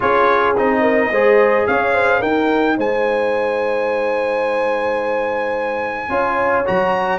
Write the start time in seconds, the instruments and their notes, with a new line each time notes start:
0.00 tuba C#4, trombone F4, horn G#4, trumpet C#5
0.56 tuba C4, trombone D#4, trumpet D#5
0.81 horn A#4
1.11 tuba G#3, trombone G#4, horn C5
1.67 tuba C#4, horn C#5, trumpet F5
1.93 horn C5
2.20 tuba D#4, trombone D#4, horn A#4, trumpet G5
2.77 tuba G#3, horn C5, trumpet G#5
6.09 tuba C#4, trombone F4, horn C#5
6.65 tuba F#3, trombone F#4, trumpet A#5